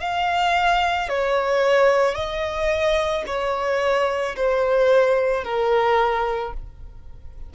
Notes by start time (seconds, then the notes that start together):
0.00 F5
1.09 C#5
2.15 D#5
3.27 C#5
4.36 C5
5.44 A#4